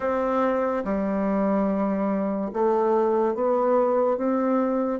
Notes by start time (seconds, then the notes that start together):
0.00 C4
0.84 G3
2.53 A3
3.34 B3
4.17 C4